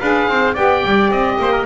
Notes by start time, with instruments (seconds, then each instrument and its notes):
0.00 double bass D4, saxophone G#4, trumpet B4, oboe F5
0.28 double bass C4, trumpet C5
0.54 double bass B3, saxophone G4, trumpet D5, oboe G5
0.85 double bass G3
1.10 double bass C4, oboe D#5
1.39 double bass A#3, trumpet C5
1.53 trumpet A#4